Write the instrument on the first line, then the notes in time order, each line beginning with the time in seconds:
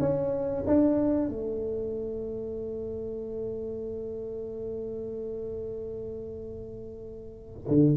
tuba
0.00 C#4
0.67 D4
1.29 A3
7.68 D3